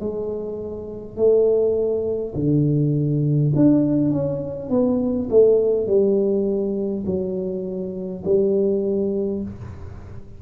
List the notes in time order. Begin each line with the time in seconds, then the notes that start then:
0.00 G#3
1.17 A3
2.35 D3
3.56 D4
4.11 C#4
4.70 B3
5.30 A3
5.87 G3
7.06 F#3
8.25 G3